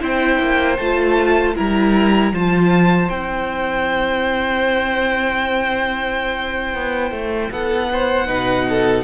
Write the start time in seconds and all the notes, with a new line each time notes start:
0.00 C4 E4 C5 G5
0.40 A#3
0.78 A3 F4 A5
1.56 G3 E4 A#4 A#5
2.32 F3 F4 C5 A5
3.10 C4 E4 G5
6.75 B3
7.12 A3
7.51 B3 A4 F#5
7.92 C5
8.27 B2 D#4 B4
8.69 A4